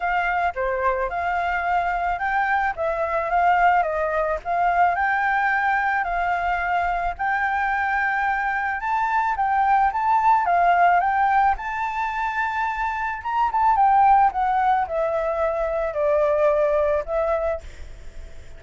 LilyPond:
\new Staff \with { instrumentName = "flute" } { \time 4/4 \tempo 4 = 109 f''4 c''4 f''2 | g''4 e''4 f''4 dis''4 | f''4 g''2 f''4~ | f''4 g''2. |
a''4 g''4 a''4 f''4 | g''4 a''2. | ais''8 a''8 g''4 fis''4 e''4~ | e''4 d''2 e''4 | }